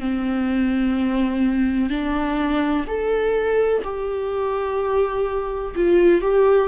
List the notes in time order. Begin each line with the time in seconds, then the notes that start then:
0.00 C4
1.90 D4
2.87 A4
3.84 G4
5.75 F4
6.22 G4